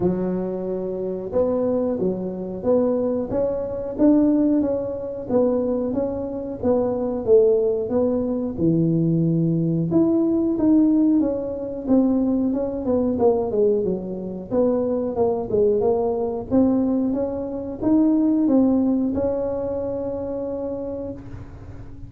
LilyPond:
\new Staff \with { instrumentName = "tuba" } { \time 4/4 \tempo 4 = 91 fis2 b4 fis4 | b4 cis'4 d'4 cis'4 | b4 cis'4 b4 a4 | b4 e2 e'4 |
dis'4 cis'4 c'4 cis'8 b8 | ais8 gis8 fis4 b4 ais8 gis8 | ais4 c'4 cis'4 dis'4 | c'4 cis'2. | }